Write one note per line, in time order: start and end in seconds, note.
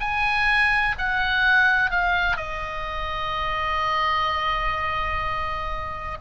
0.00 0.95 G#5
0.98 1.90 F#5
1.90 2.37 F5
2.37 6.18 D#5